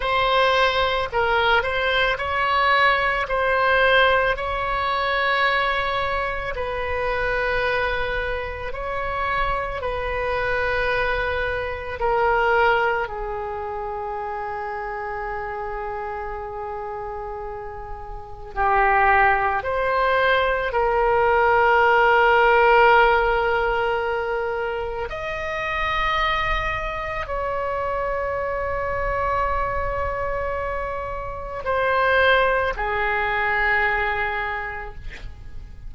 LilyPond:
\new Staff \with { instrumentName = "oboe" } { \time 4/4 \tempo 4 = 55 c''4 ais'8 c''8 cis''4 c''4 | cis''2 b'2 | cis''4 b'2 ais'4 | gis'1~ |
gis'4 g'4 c''4 ais'4~ | ais'2. dis''4~ | dis''4 cis''2.~ | cis''4 c''4 gis'2 | }